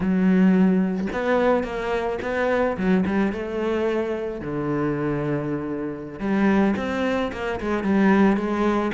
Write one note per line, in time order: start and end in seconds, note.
0.00 1.07 F#3
1.13 1.63 B3
1.63 2.18 A#3
2.21 2.76 B3
2.77 3.04 F#3
3.06 3.32 G3
3.32 4.41 A3
4.41 6.19 D3
6.19 6.74 G3
6.76 7.31 C4
7.32 7.59 A#3
7.60 7.83 G#3
7.83 8.36 G3
8.36 8.91 G#3